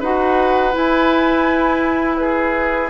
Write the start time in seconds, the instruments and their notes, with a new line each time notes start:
0.00 bassoon D#4, clarinet F#4, oboe B4, flute F#5
0.73 clarinet E4, bassoon E4, flute G#5
2.16 oboe G#4, flute B4